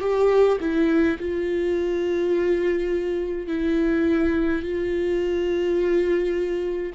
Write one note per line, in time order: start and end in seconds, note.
0.00 0.58 G4
0.60 1.18 E4
1.19 3.47 F4
3.47 4.62 E4
4.62 6.93 F4